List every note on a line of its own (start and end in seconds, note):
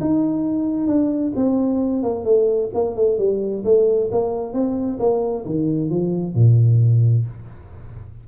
0.00 0.87 D#4
0.87 1.32 D4
1.35 2.03 C4
2.03 2.24 A#3
2.24 2.70 A3
2.74 2.96 A#3
2.96 3.18 A3
3.18 3.64 G3
3.64 4.10 A3
4.11 4.53 A#3
4.53 4.98 C4
4.99 5.44 A#3
5.45 5.90 D#3
5.90 6.34 F3
6.34 7.25 A#2